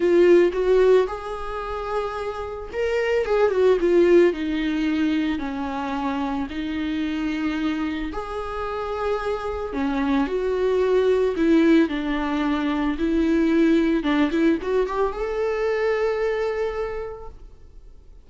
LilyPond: \new Staff \with { instrumentName = "viola" } { \time 4/4 \tempo 4 = 111 f'4 fis'4 gis'2~ | gis'4 ais'4 gis'8 fis'8 f'4 | dis'2 cis'2 | dis'2. gis'4~ |
gis'2 cis'4 fis'4~ | fis'4 e'4 d'2 | e'2 d'8 e'8 fis'8 g'8 | a'1 | }